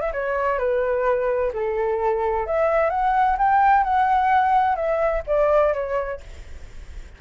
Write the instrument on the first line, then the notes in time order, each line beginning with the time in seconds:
flute
0.00 E5
0.13 C#5
0.58 B4
1.53 A4
2.46 E5
2.90 F#5
3.38 G5
3.83 F#5
4.75 E5
5.26 D5
5.73 C#5